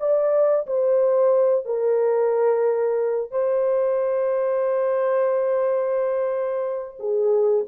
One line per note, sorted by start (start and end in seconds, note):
0.00 0.67 D5
0.67 1.66 C5
1.66 3.31 A#4
3.31 6.98 C5
7.00 7.66 G#4